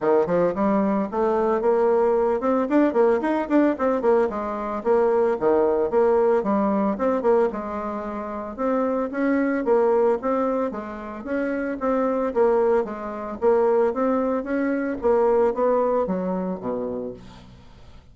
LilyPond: \new Staff \with { instrumentName = "bassoon" } { \time 4/4 \tempo 4 = 112 dis8 f8 g4 a4 ais4~ | ais8 c'8 d'8 ais8 dis'8 d'8 c'8 ais8 | gis4 ais4 dis4 ais4 | g4 c'8 ais8 gis2 |
c'4 cis'4 ais4 c'4 | gis4 cis'4 c'4 ais4 | gis4 ais4 c'4 cis'4 | ais4 b4 fis4 b,4 | }